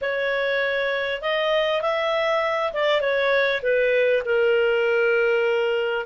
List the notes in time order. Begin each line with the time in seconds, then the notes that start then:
0.01 C#5
1.21 D#5
1.81 E5
2.73 D5
3.00 C#5
3.62 B4
4.25 A#4